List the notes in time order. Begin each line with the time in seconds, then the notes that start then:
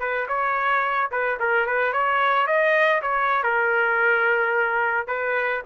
0.00 B4
0.28 C#5
1.12 B4
1.40 A#4
1.67 B4
1.93 C#5
2.47 D#5
3.03 C#5
3.44 A#4
5.08 B4